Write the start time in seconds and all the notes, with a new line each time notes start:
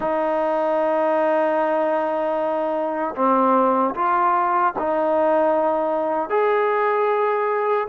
0.00 D#4
3.15 C4
3.94 F4
4.78 D#4
6.29 G#4